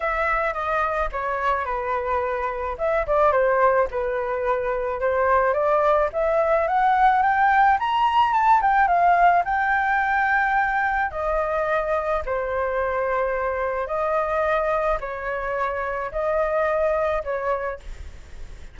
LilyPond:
\new Staff \with { instrumentName = "flute" } { \time 4/4 \tempo 4 = 108 e''4 dis''4 cis''4 b'4~ | b'4 e''8 d''8 c''4 b'4~ | b'4 c''4 d''4 e''4 | fis''4 g''4 ais''4 a''8 g''8 |
f''4 g''2. | dis''2 c''2~ | c''4 dis''2 cis''4~ | cis''4 dis''2 cis''4 | }